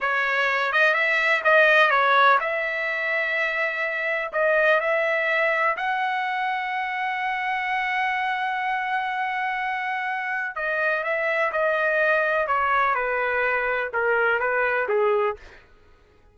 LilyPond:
\new Staff \with { instrumentName = "trumpet" } { \time 4/4 \tempo 4 = 125 cis''4. dis''8 e''4 dis''4 | cis''4 e''2.~ | e''4 dis''4 e''2 | fis''1~ |
fis''1~ | fis''2 dis''4 e''4 | dis''2 cis''4 b'4~ | b'4 ais'4 b'4 gis'4 | }